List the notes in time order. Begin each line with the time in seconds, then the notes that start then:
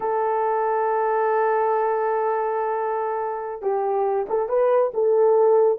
0.00 A4
3.62 G4
4.29 A4
4.49 B4
4.94 A4